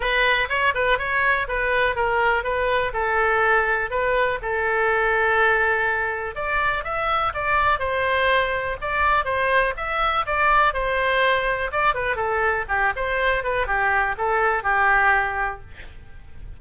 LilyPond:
\new Staff \with { instrumentName = "oboe" } { \time 4/4 \tempo 4 = 123 b'4 cis''8 b'8 cis''4 b'4 | ais'4 b'4 a'2 | b'4 a'2.~ | a'4 d''4 e''4 d''4 |
c''2 d''4 c''4 | e''4 d''4 c''2 | d''8 b'8 a'4 g'8 c''4 b'8 | g'4 a'4 g'2 | }